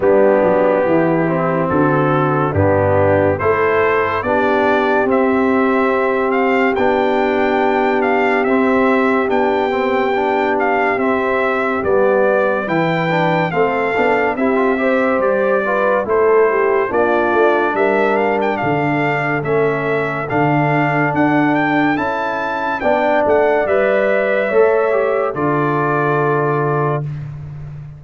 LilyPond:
<<
  \new Staff \with { instrumentName = "trumpet" } { \time 4/4 \tempo 4 = 71 g'2 a'4 g'4 | c''4 d''4 e''4. f''8 | g''4. f''8 e''4 g''4~ | g''8 f''8 e''4 d''4 g''4 |
f''4 e''4 d''4 c''4 | d''4 e''8 f''16 g''16 f''4 e''4 | f''4 fis''8 g''8 a''4 g''8 fis''8 | e''2 d''2 | }
  \new Staff \with { instrumentName = "horn" } { \time 4/4 d'4 e'4 fis'4 d'4 | a'4 g'2.~ | g'1~ | g'2. b'4 |
a'4 g'8 c''4 b'8 a'8 g'8 | f'4 ais'4 a'2~ | a'2. d''4~ | d''4 cis''4 a'2 | }
  \new Staff \with { instrumentName = "trombone" } { \time 4/4 b4. c'4. b4 | e'4 d'4 c'2 | d'2 c'4 d'8 c'8 | d'4 c'4 b4 e'8 d'8 |
c'8 d'8 e'16 f'16 g'4 f'8 e'4 | d'2. cis'4 | d'2 e'4 d'4 | b'4 a'8 g'8 f'2 | }
  \new Staff \with { instrumentName = "tuba" } { \time 4/4 g8 fis8 e4 d4 g,4 | a4 b4 c'2 | b2 c'4 b4~ | b4 c'4 g4 e4 |
a8 b8 c'4 g4 a4 | ais8 a8 g4 d4 a4 | d4 d'4 cis'4 b8 a8 | g4 a4 d2 | }
>>